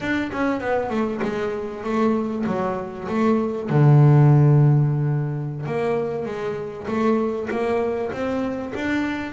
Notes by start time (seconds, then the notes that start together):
0.00 D4
0.32 C#4
0.60 B3
0.90 A3
1.22 G#3
1.83 A3
2.46 F#3
3.08 A3
3.69 D3
5.65 A#3
6.25 G#3
6.87 A3
7.50 A#3
8.12 C4
8.74 D4